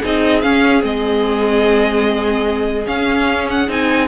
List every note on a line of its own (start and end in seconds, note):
0.00 0.44 C4
0.00 0.43 D#4
0.00 4.08 G#4
0.00 0.41 D#5
0.41 0.82 C#4
0.41 0.83 C#4
0.41 0.82 F5
0.82 2.87 G#3
0.82 2.86 C4
0.82 2.87 D#5
2.86 3.68 C#4
2.86 3.69 C#4
2.86 3.49 F5
3.50 3.70 F#5
3.68 4.08 C4
3.68 4.08 D#4
3.68 4.08 G#5